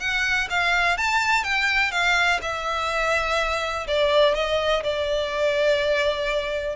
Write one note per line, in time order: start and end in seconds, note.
0.00 0.48 F#5
0.50 0.97 F5
0.97 1.44 A5
1.44 1.91 G5
1.91 2.40 F5
2.42 3.87 E5
3.87 4.34 D5
4.34 4.83 D#5
4.84 6.76 D5